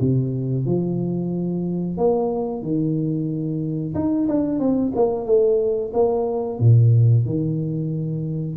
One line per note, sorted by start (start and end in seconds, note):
0.00 0.65 C3
0.65 1.97 F3
1.98 2.62 A#3
2.62 3.94 D#3
3.94 4.27 D#4
4.28 4.59 D4
4.59 4.92 C4
4.95 5.26 A#3
5.26 5.92 A3
5.93 6.59 A#3
6.60 7.26 A#2
7.26 8.57 D#3